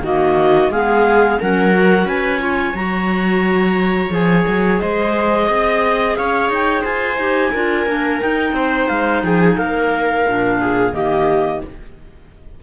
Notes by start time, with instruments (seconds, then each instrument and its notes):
0.00 cello D#3, clarinet A#3 D#5, viola F#4
0.69 cello G#3, clarinet B3 F5, viola G#4
1.39 cello F#3, clarinet C#4 F#5, viola A#4
1.72 clarinet F#4
2.04 cello C#4, viola B4, clarinet G#5
2.39 clarinet F4, viola C#5
2.73 cello F#3, clarinet F#4 A#5
4.09 cello F3, clarinet G#4 G#5
4.47 cello F#3
4.79 cello G#3, viola C5, clarinet D#5
5.47 cello C4, viola D#5
6.15 cello C#4, viola C#5, clarinet F5
6.49 cello D#4, clarinet G5
6.81 cello F4, viola C5, clarinet G#5
7.17 cello D#4, clarinet G4
7.52 cello D4, clarinet F4, viola A#4
7.86 cello A#3, clarinet D4
8.20 clarinet D#4 G5, cello D#4
8.52 cello C4, viola C5
8.88 cello G#3, clarinet F5
9.23 cello F3, viola G#4, clarinet G5
9.40 clarinet G#5
9.56 cello A#3, viola A#4, clarinet F5
10.26 cello A#2, clarinet D4
10.60 viola G#4
10.92 cello D#3, clarinet A#3 D#5, viola G4